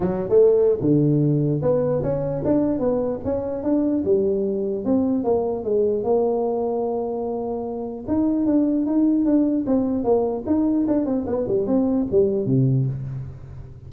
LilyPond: \new Staff \with { instrumentName = "tuba" } { \time 4/4 \tempo 4 = 149 fis8. a4~ a16 d2 | b4 cis'4 d'4 b4 | cis'4 d'4 g2 | c'4 ais4 gis4 ais4~ |
ais1 | dis'4 d'4 dis'4 d'4 | c'4 ais4 dis'4 d'8 c'8 | b8 g8 c'4 g4 c4 | }